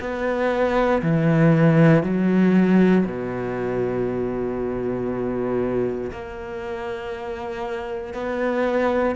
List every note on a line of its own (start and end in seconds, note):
0.00 1.02 B3
1.02 2.03 E3
2.03 3.05 F#3
3.06 6.11 B2
6.12 8.14 A#3
8.14 9.16 B3